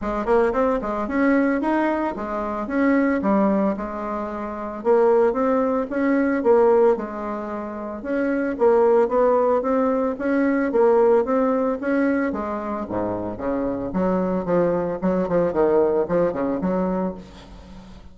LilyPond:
\new Staff \with { instrumentName = "bassoon" } { \time 4/4 \tempo 4 = 112 gis8 ais8 c'8 gis8 cis'4 dis'4 | gis4 cis'4 g4 gis4~ | gis4 ais4 c'4 cis'4 | ais4 gis2 cis'4 |
ais4 b4 c'4 cis'4 | ais4 c'4 cis'4 gis4 | gis,4 cis4 fis4 f4 | fis8 f8 dis4 f8 cis8 fis4 | }